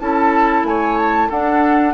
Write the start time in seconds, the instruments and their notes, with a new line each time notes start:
0.00 bassoon C#4, clarinet E4, oboe A4, flute A5
0.64 bassoon A3, oboe C#5, flute G#5
0.98 flute A5
1.29 bassoon D4, clarinet D4, oboe A4, flute F#5